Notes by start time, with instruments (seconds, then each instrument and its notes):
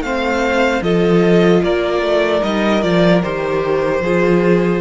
0.00 cello A3, viola C4, violin C5 F5
0.81 cello F3, viola F4, violin A4 D#5
1.62 cello A#3, violin A#4 D5
2.01 cello A3
2.41 cello G3, viola D#4, violin D#5
2.81 cello F3, viola F4, violin D5
3.23 cello D#3, viola G4, violin C5
4.00 cello F3, viola F4, violin G#4